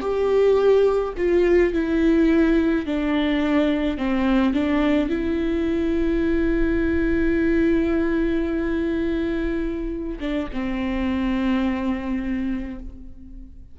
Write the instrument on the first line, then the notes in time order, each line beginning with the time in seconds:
viola
0.00 G4
1.17 F4
1.73 E4
2.86 D4
3.97 C4
4.53 D4
5.09 E4
10.19 D4
10.52 C4